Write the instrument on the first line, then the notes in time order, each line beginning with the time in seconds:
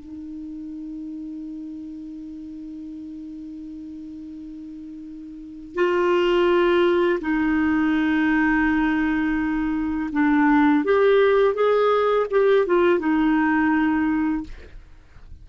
clarinet
0.00 D#4
5.75 F4
7.21 D#4
10.12 D4
10.85 G4
11.54 G#4
12.31 G4
12.67 F4
12.99 D#4